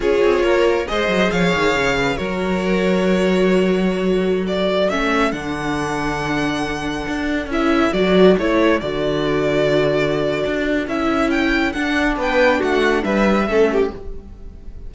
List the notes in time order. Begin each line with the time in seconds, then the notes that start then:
0.00 C#4 F4 G#4 C#5
0.22 C4
0.42 A#3 A#4
0.87 G#3 G#4 C5 D#5
1.08 F#3
1.31 F3 C#5 F5
1.53 D#3
1.74 C#3
1.97 B4
2.17 F#3 F#4 A#4 C#5
4.02 A4
4.47 D5
4.89 A3 C#4 E5
5.31 D3 D4 F#5
7.07 D4
7.46 C#4 E4
7.52 E5
7.93 F#3 F#4 D5
8.37 A3 E4 C#5
8.80 D3 F#4 D5
10.45 D4
10.87 C#4 E4 E5
11.30 G5
11.72 D4 F#5
12.16 B3 B4 G5
12.59 A3 F#4 F#5
13.03 G3 B4 E5
13.47 A3 C#4 A4
13.72 G4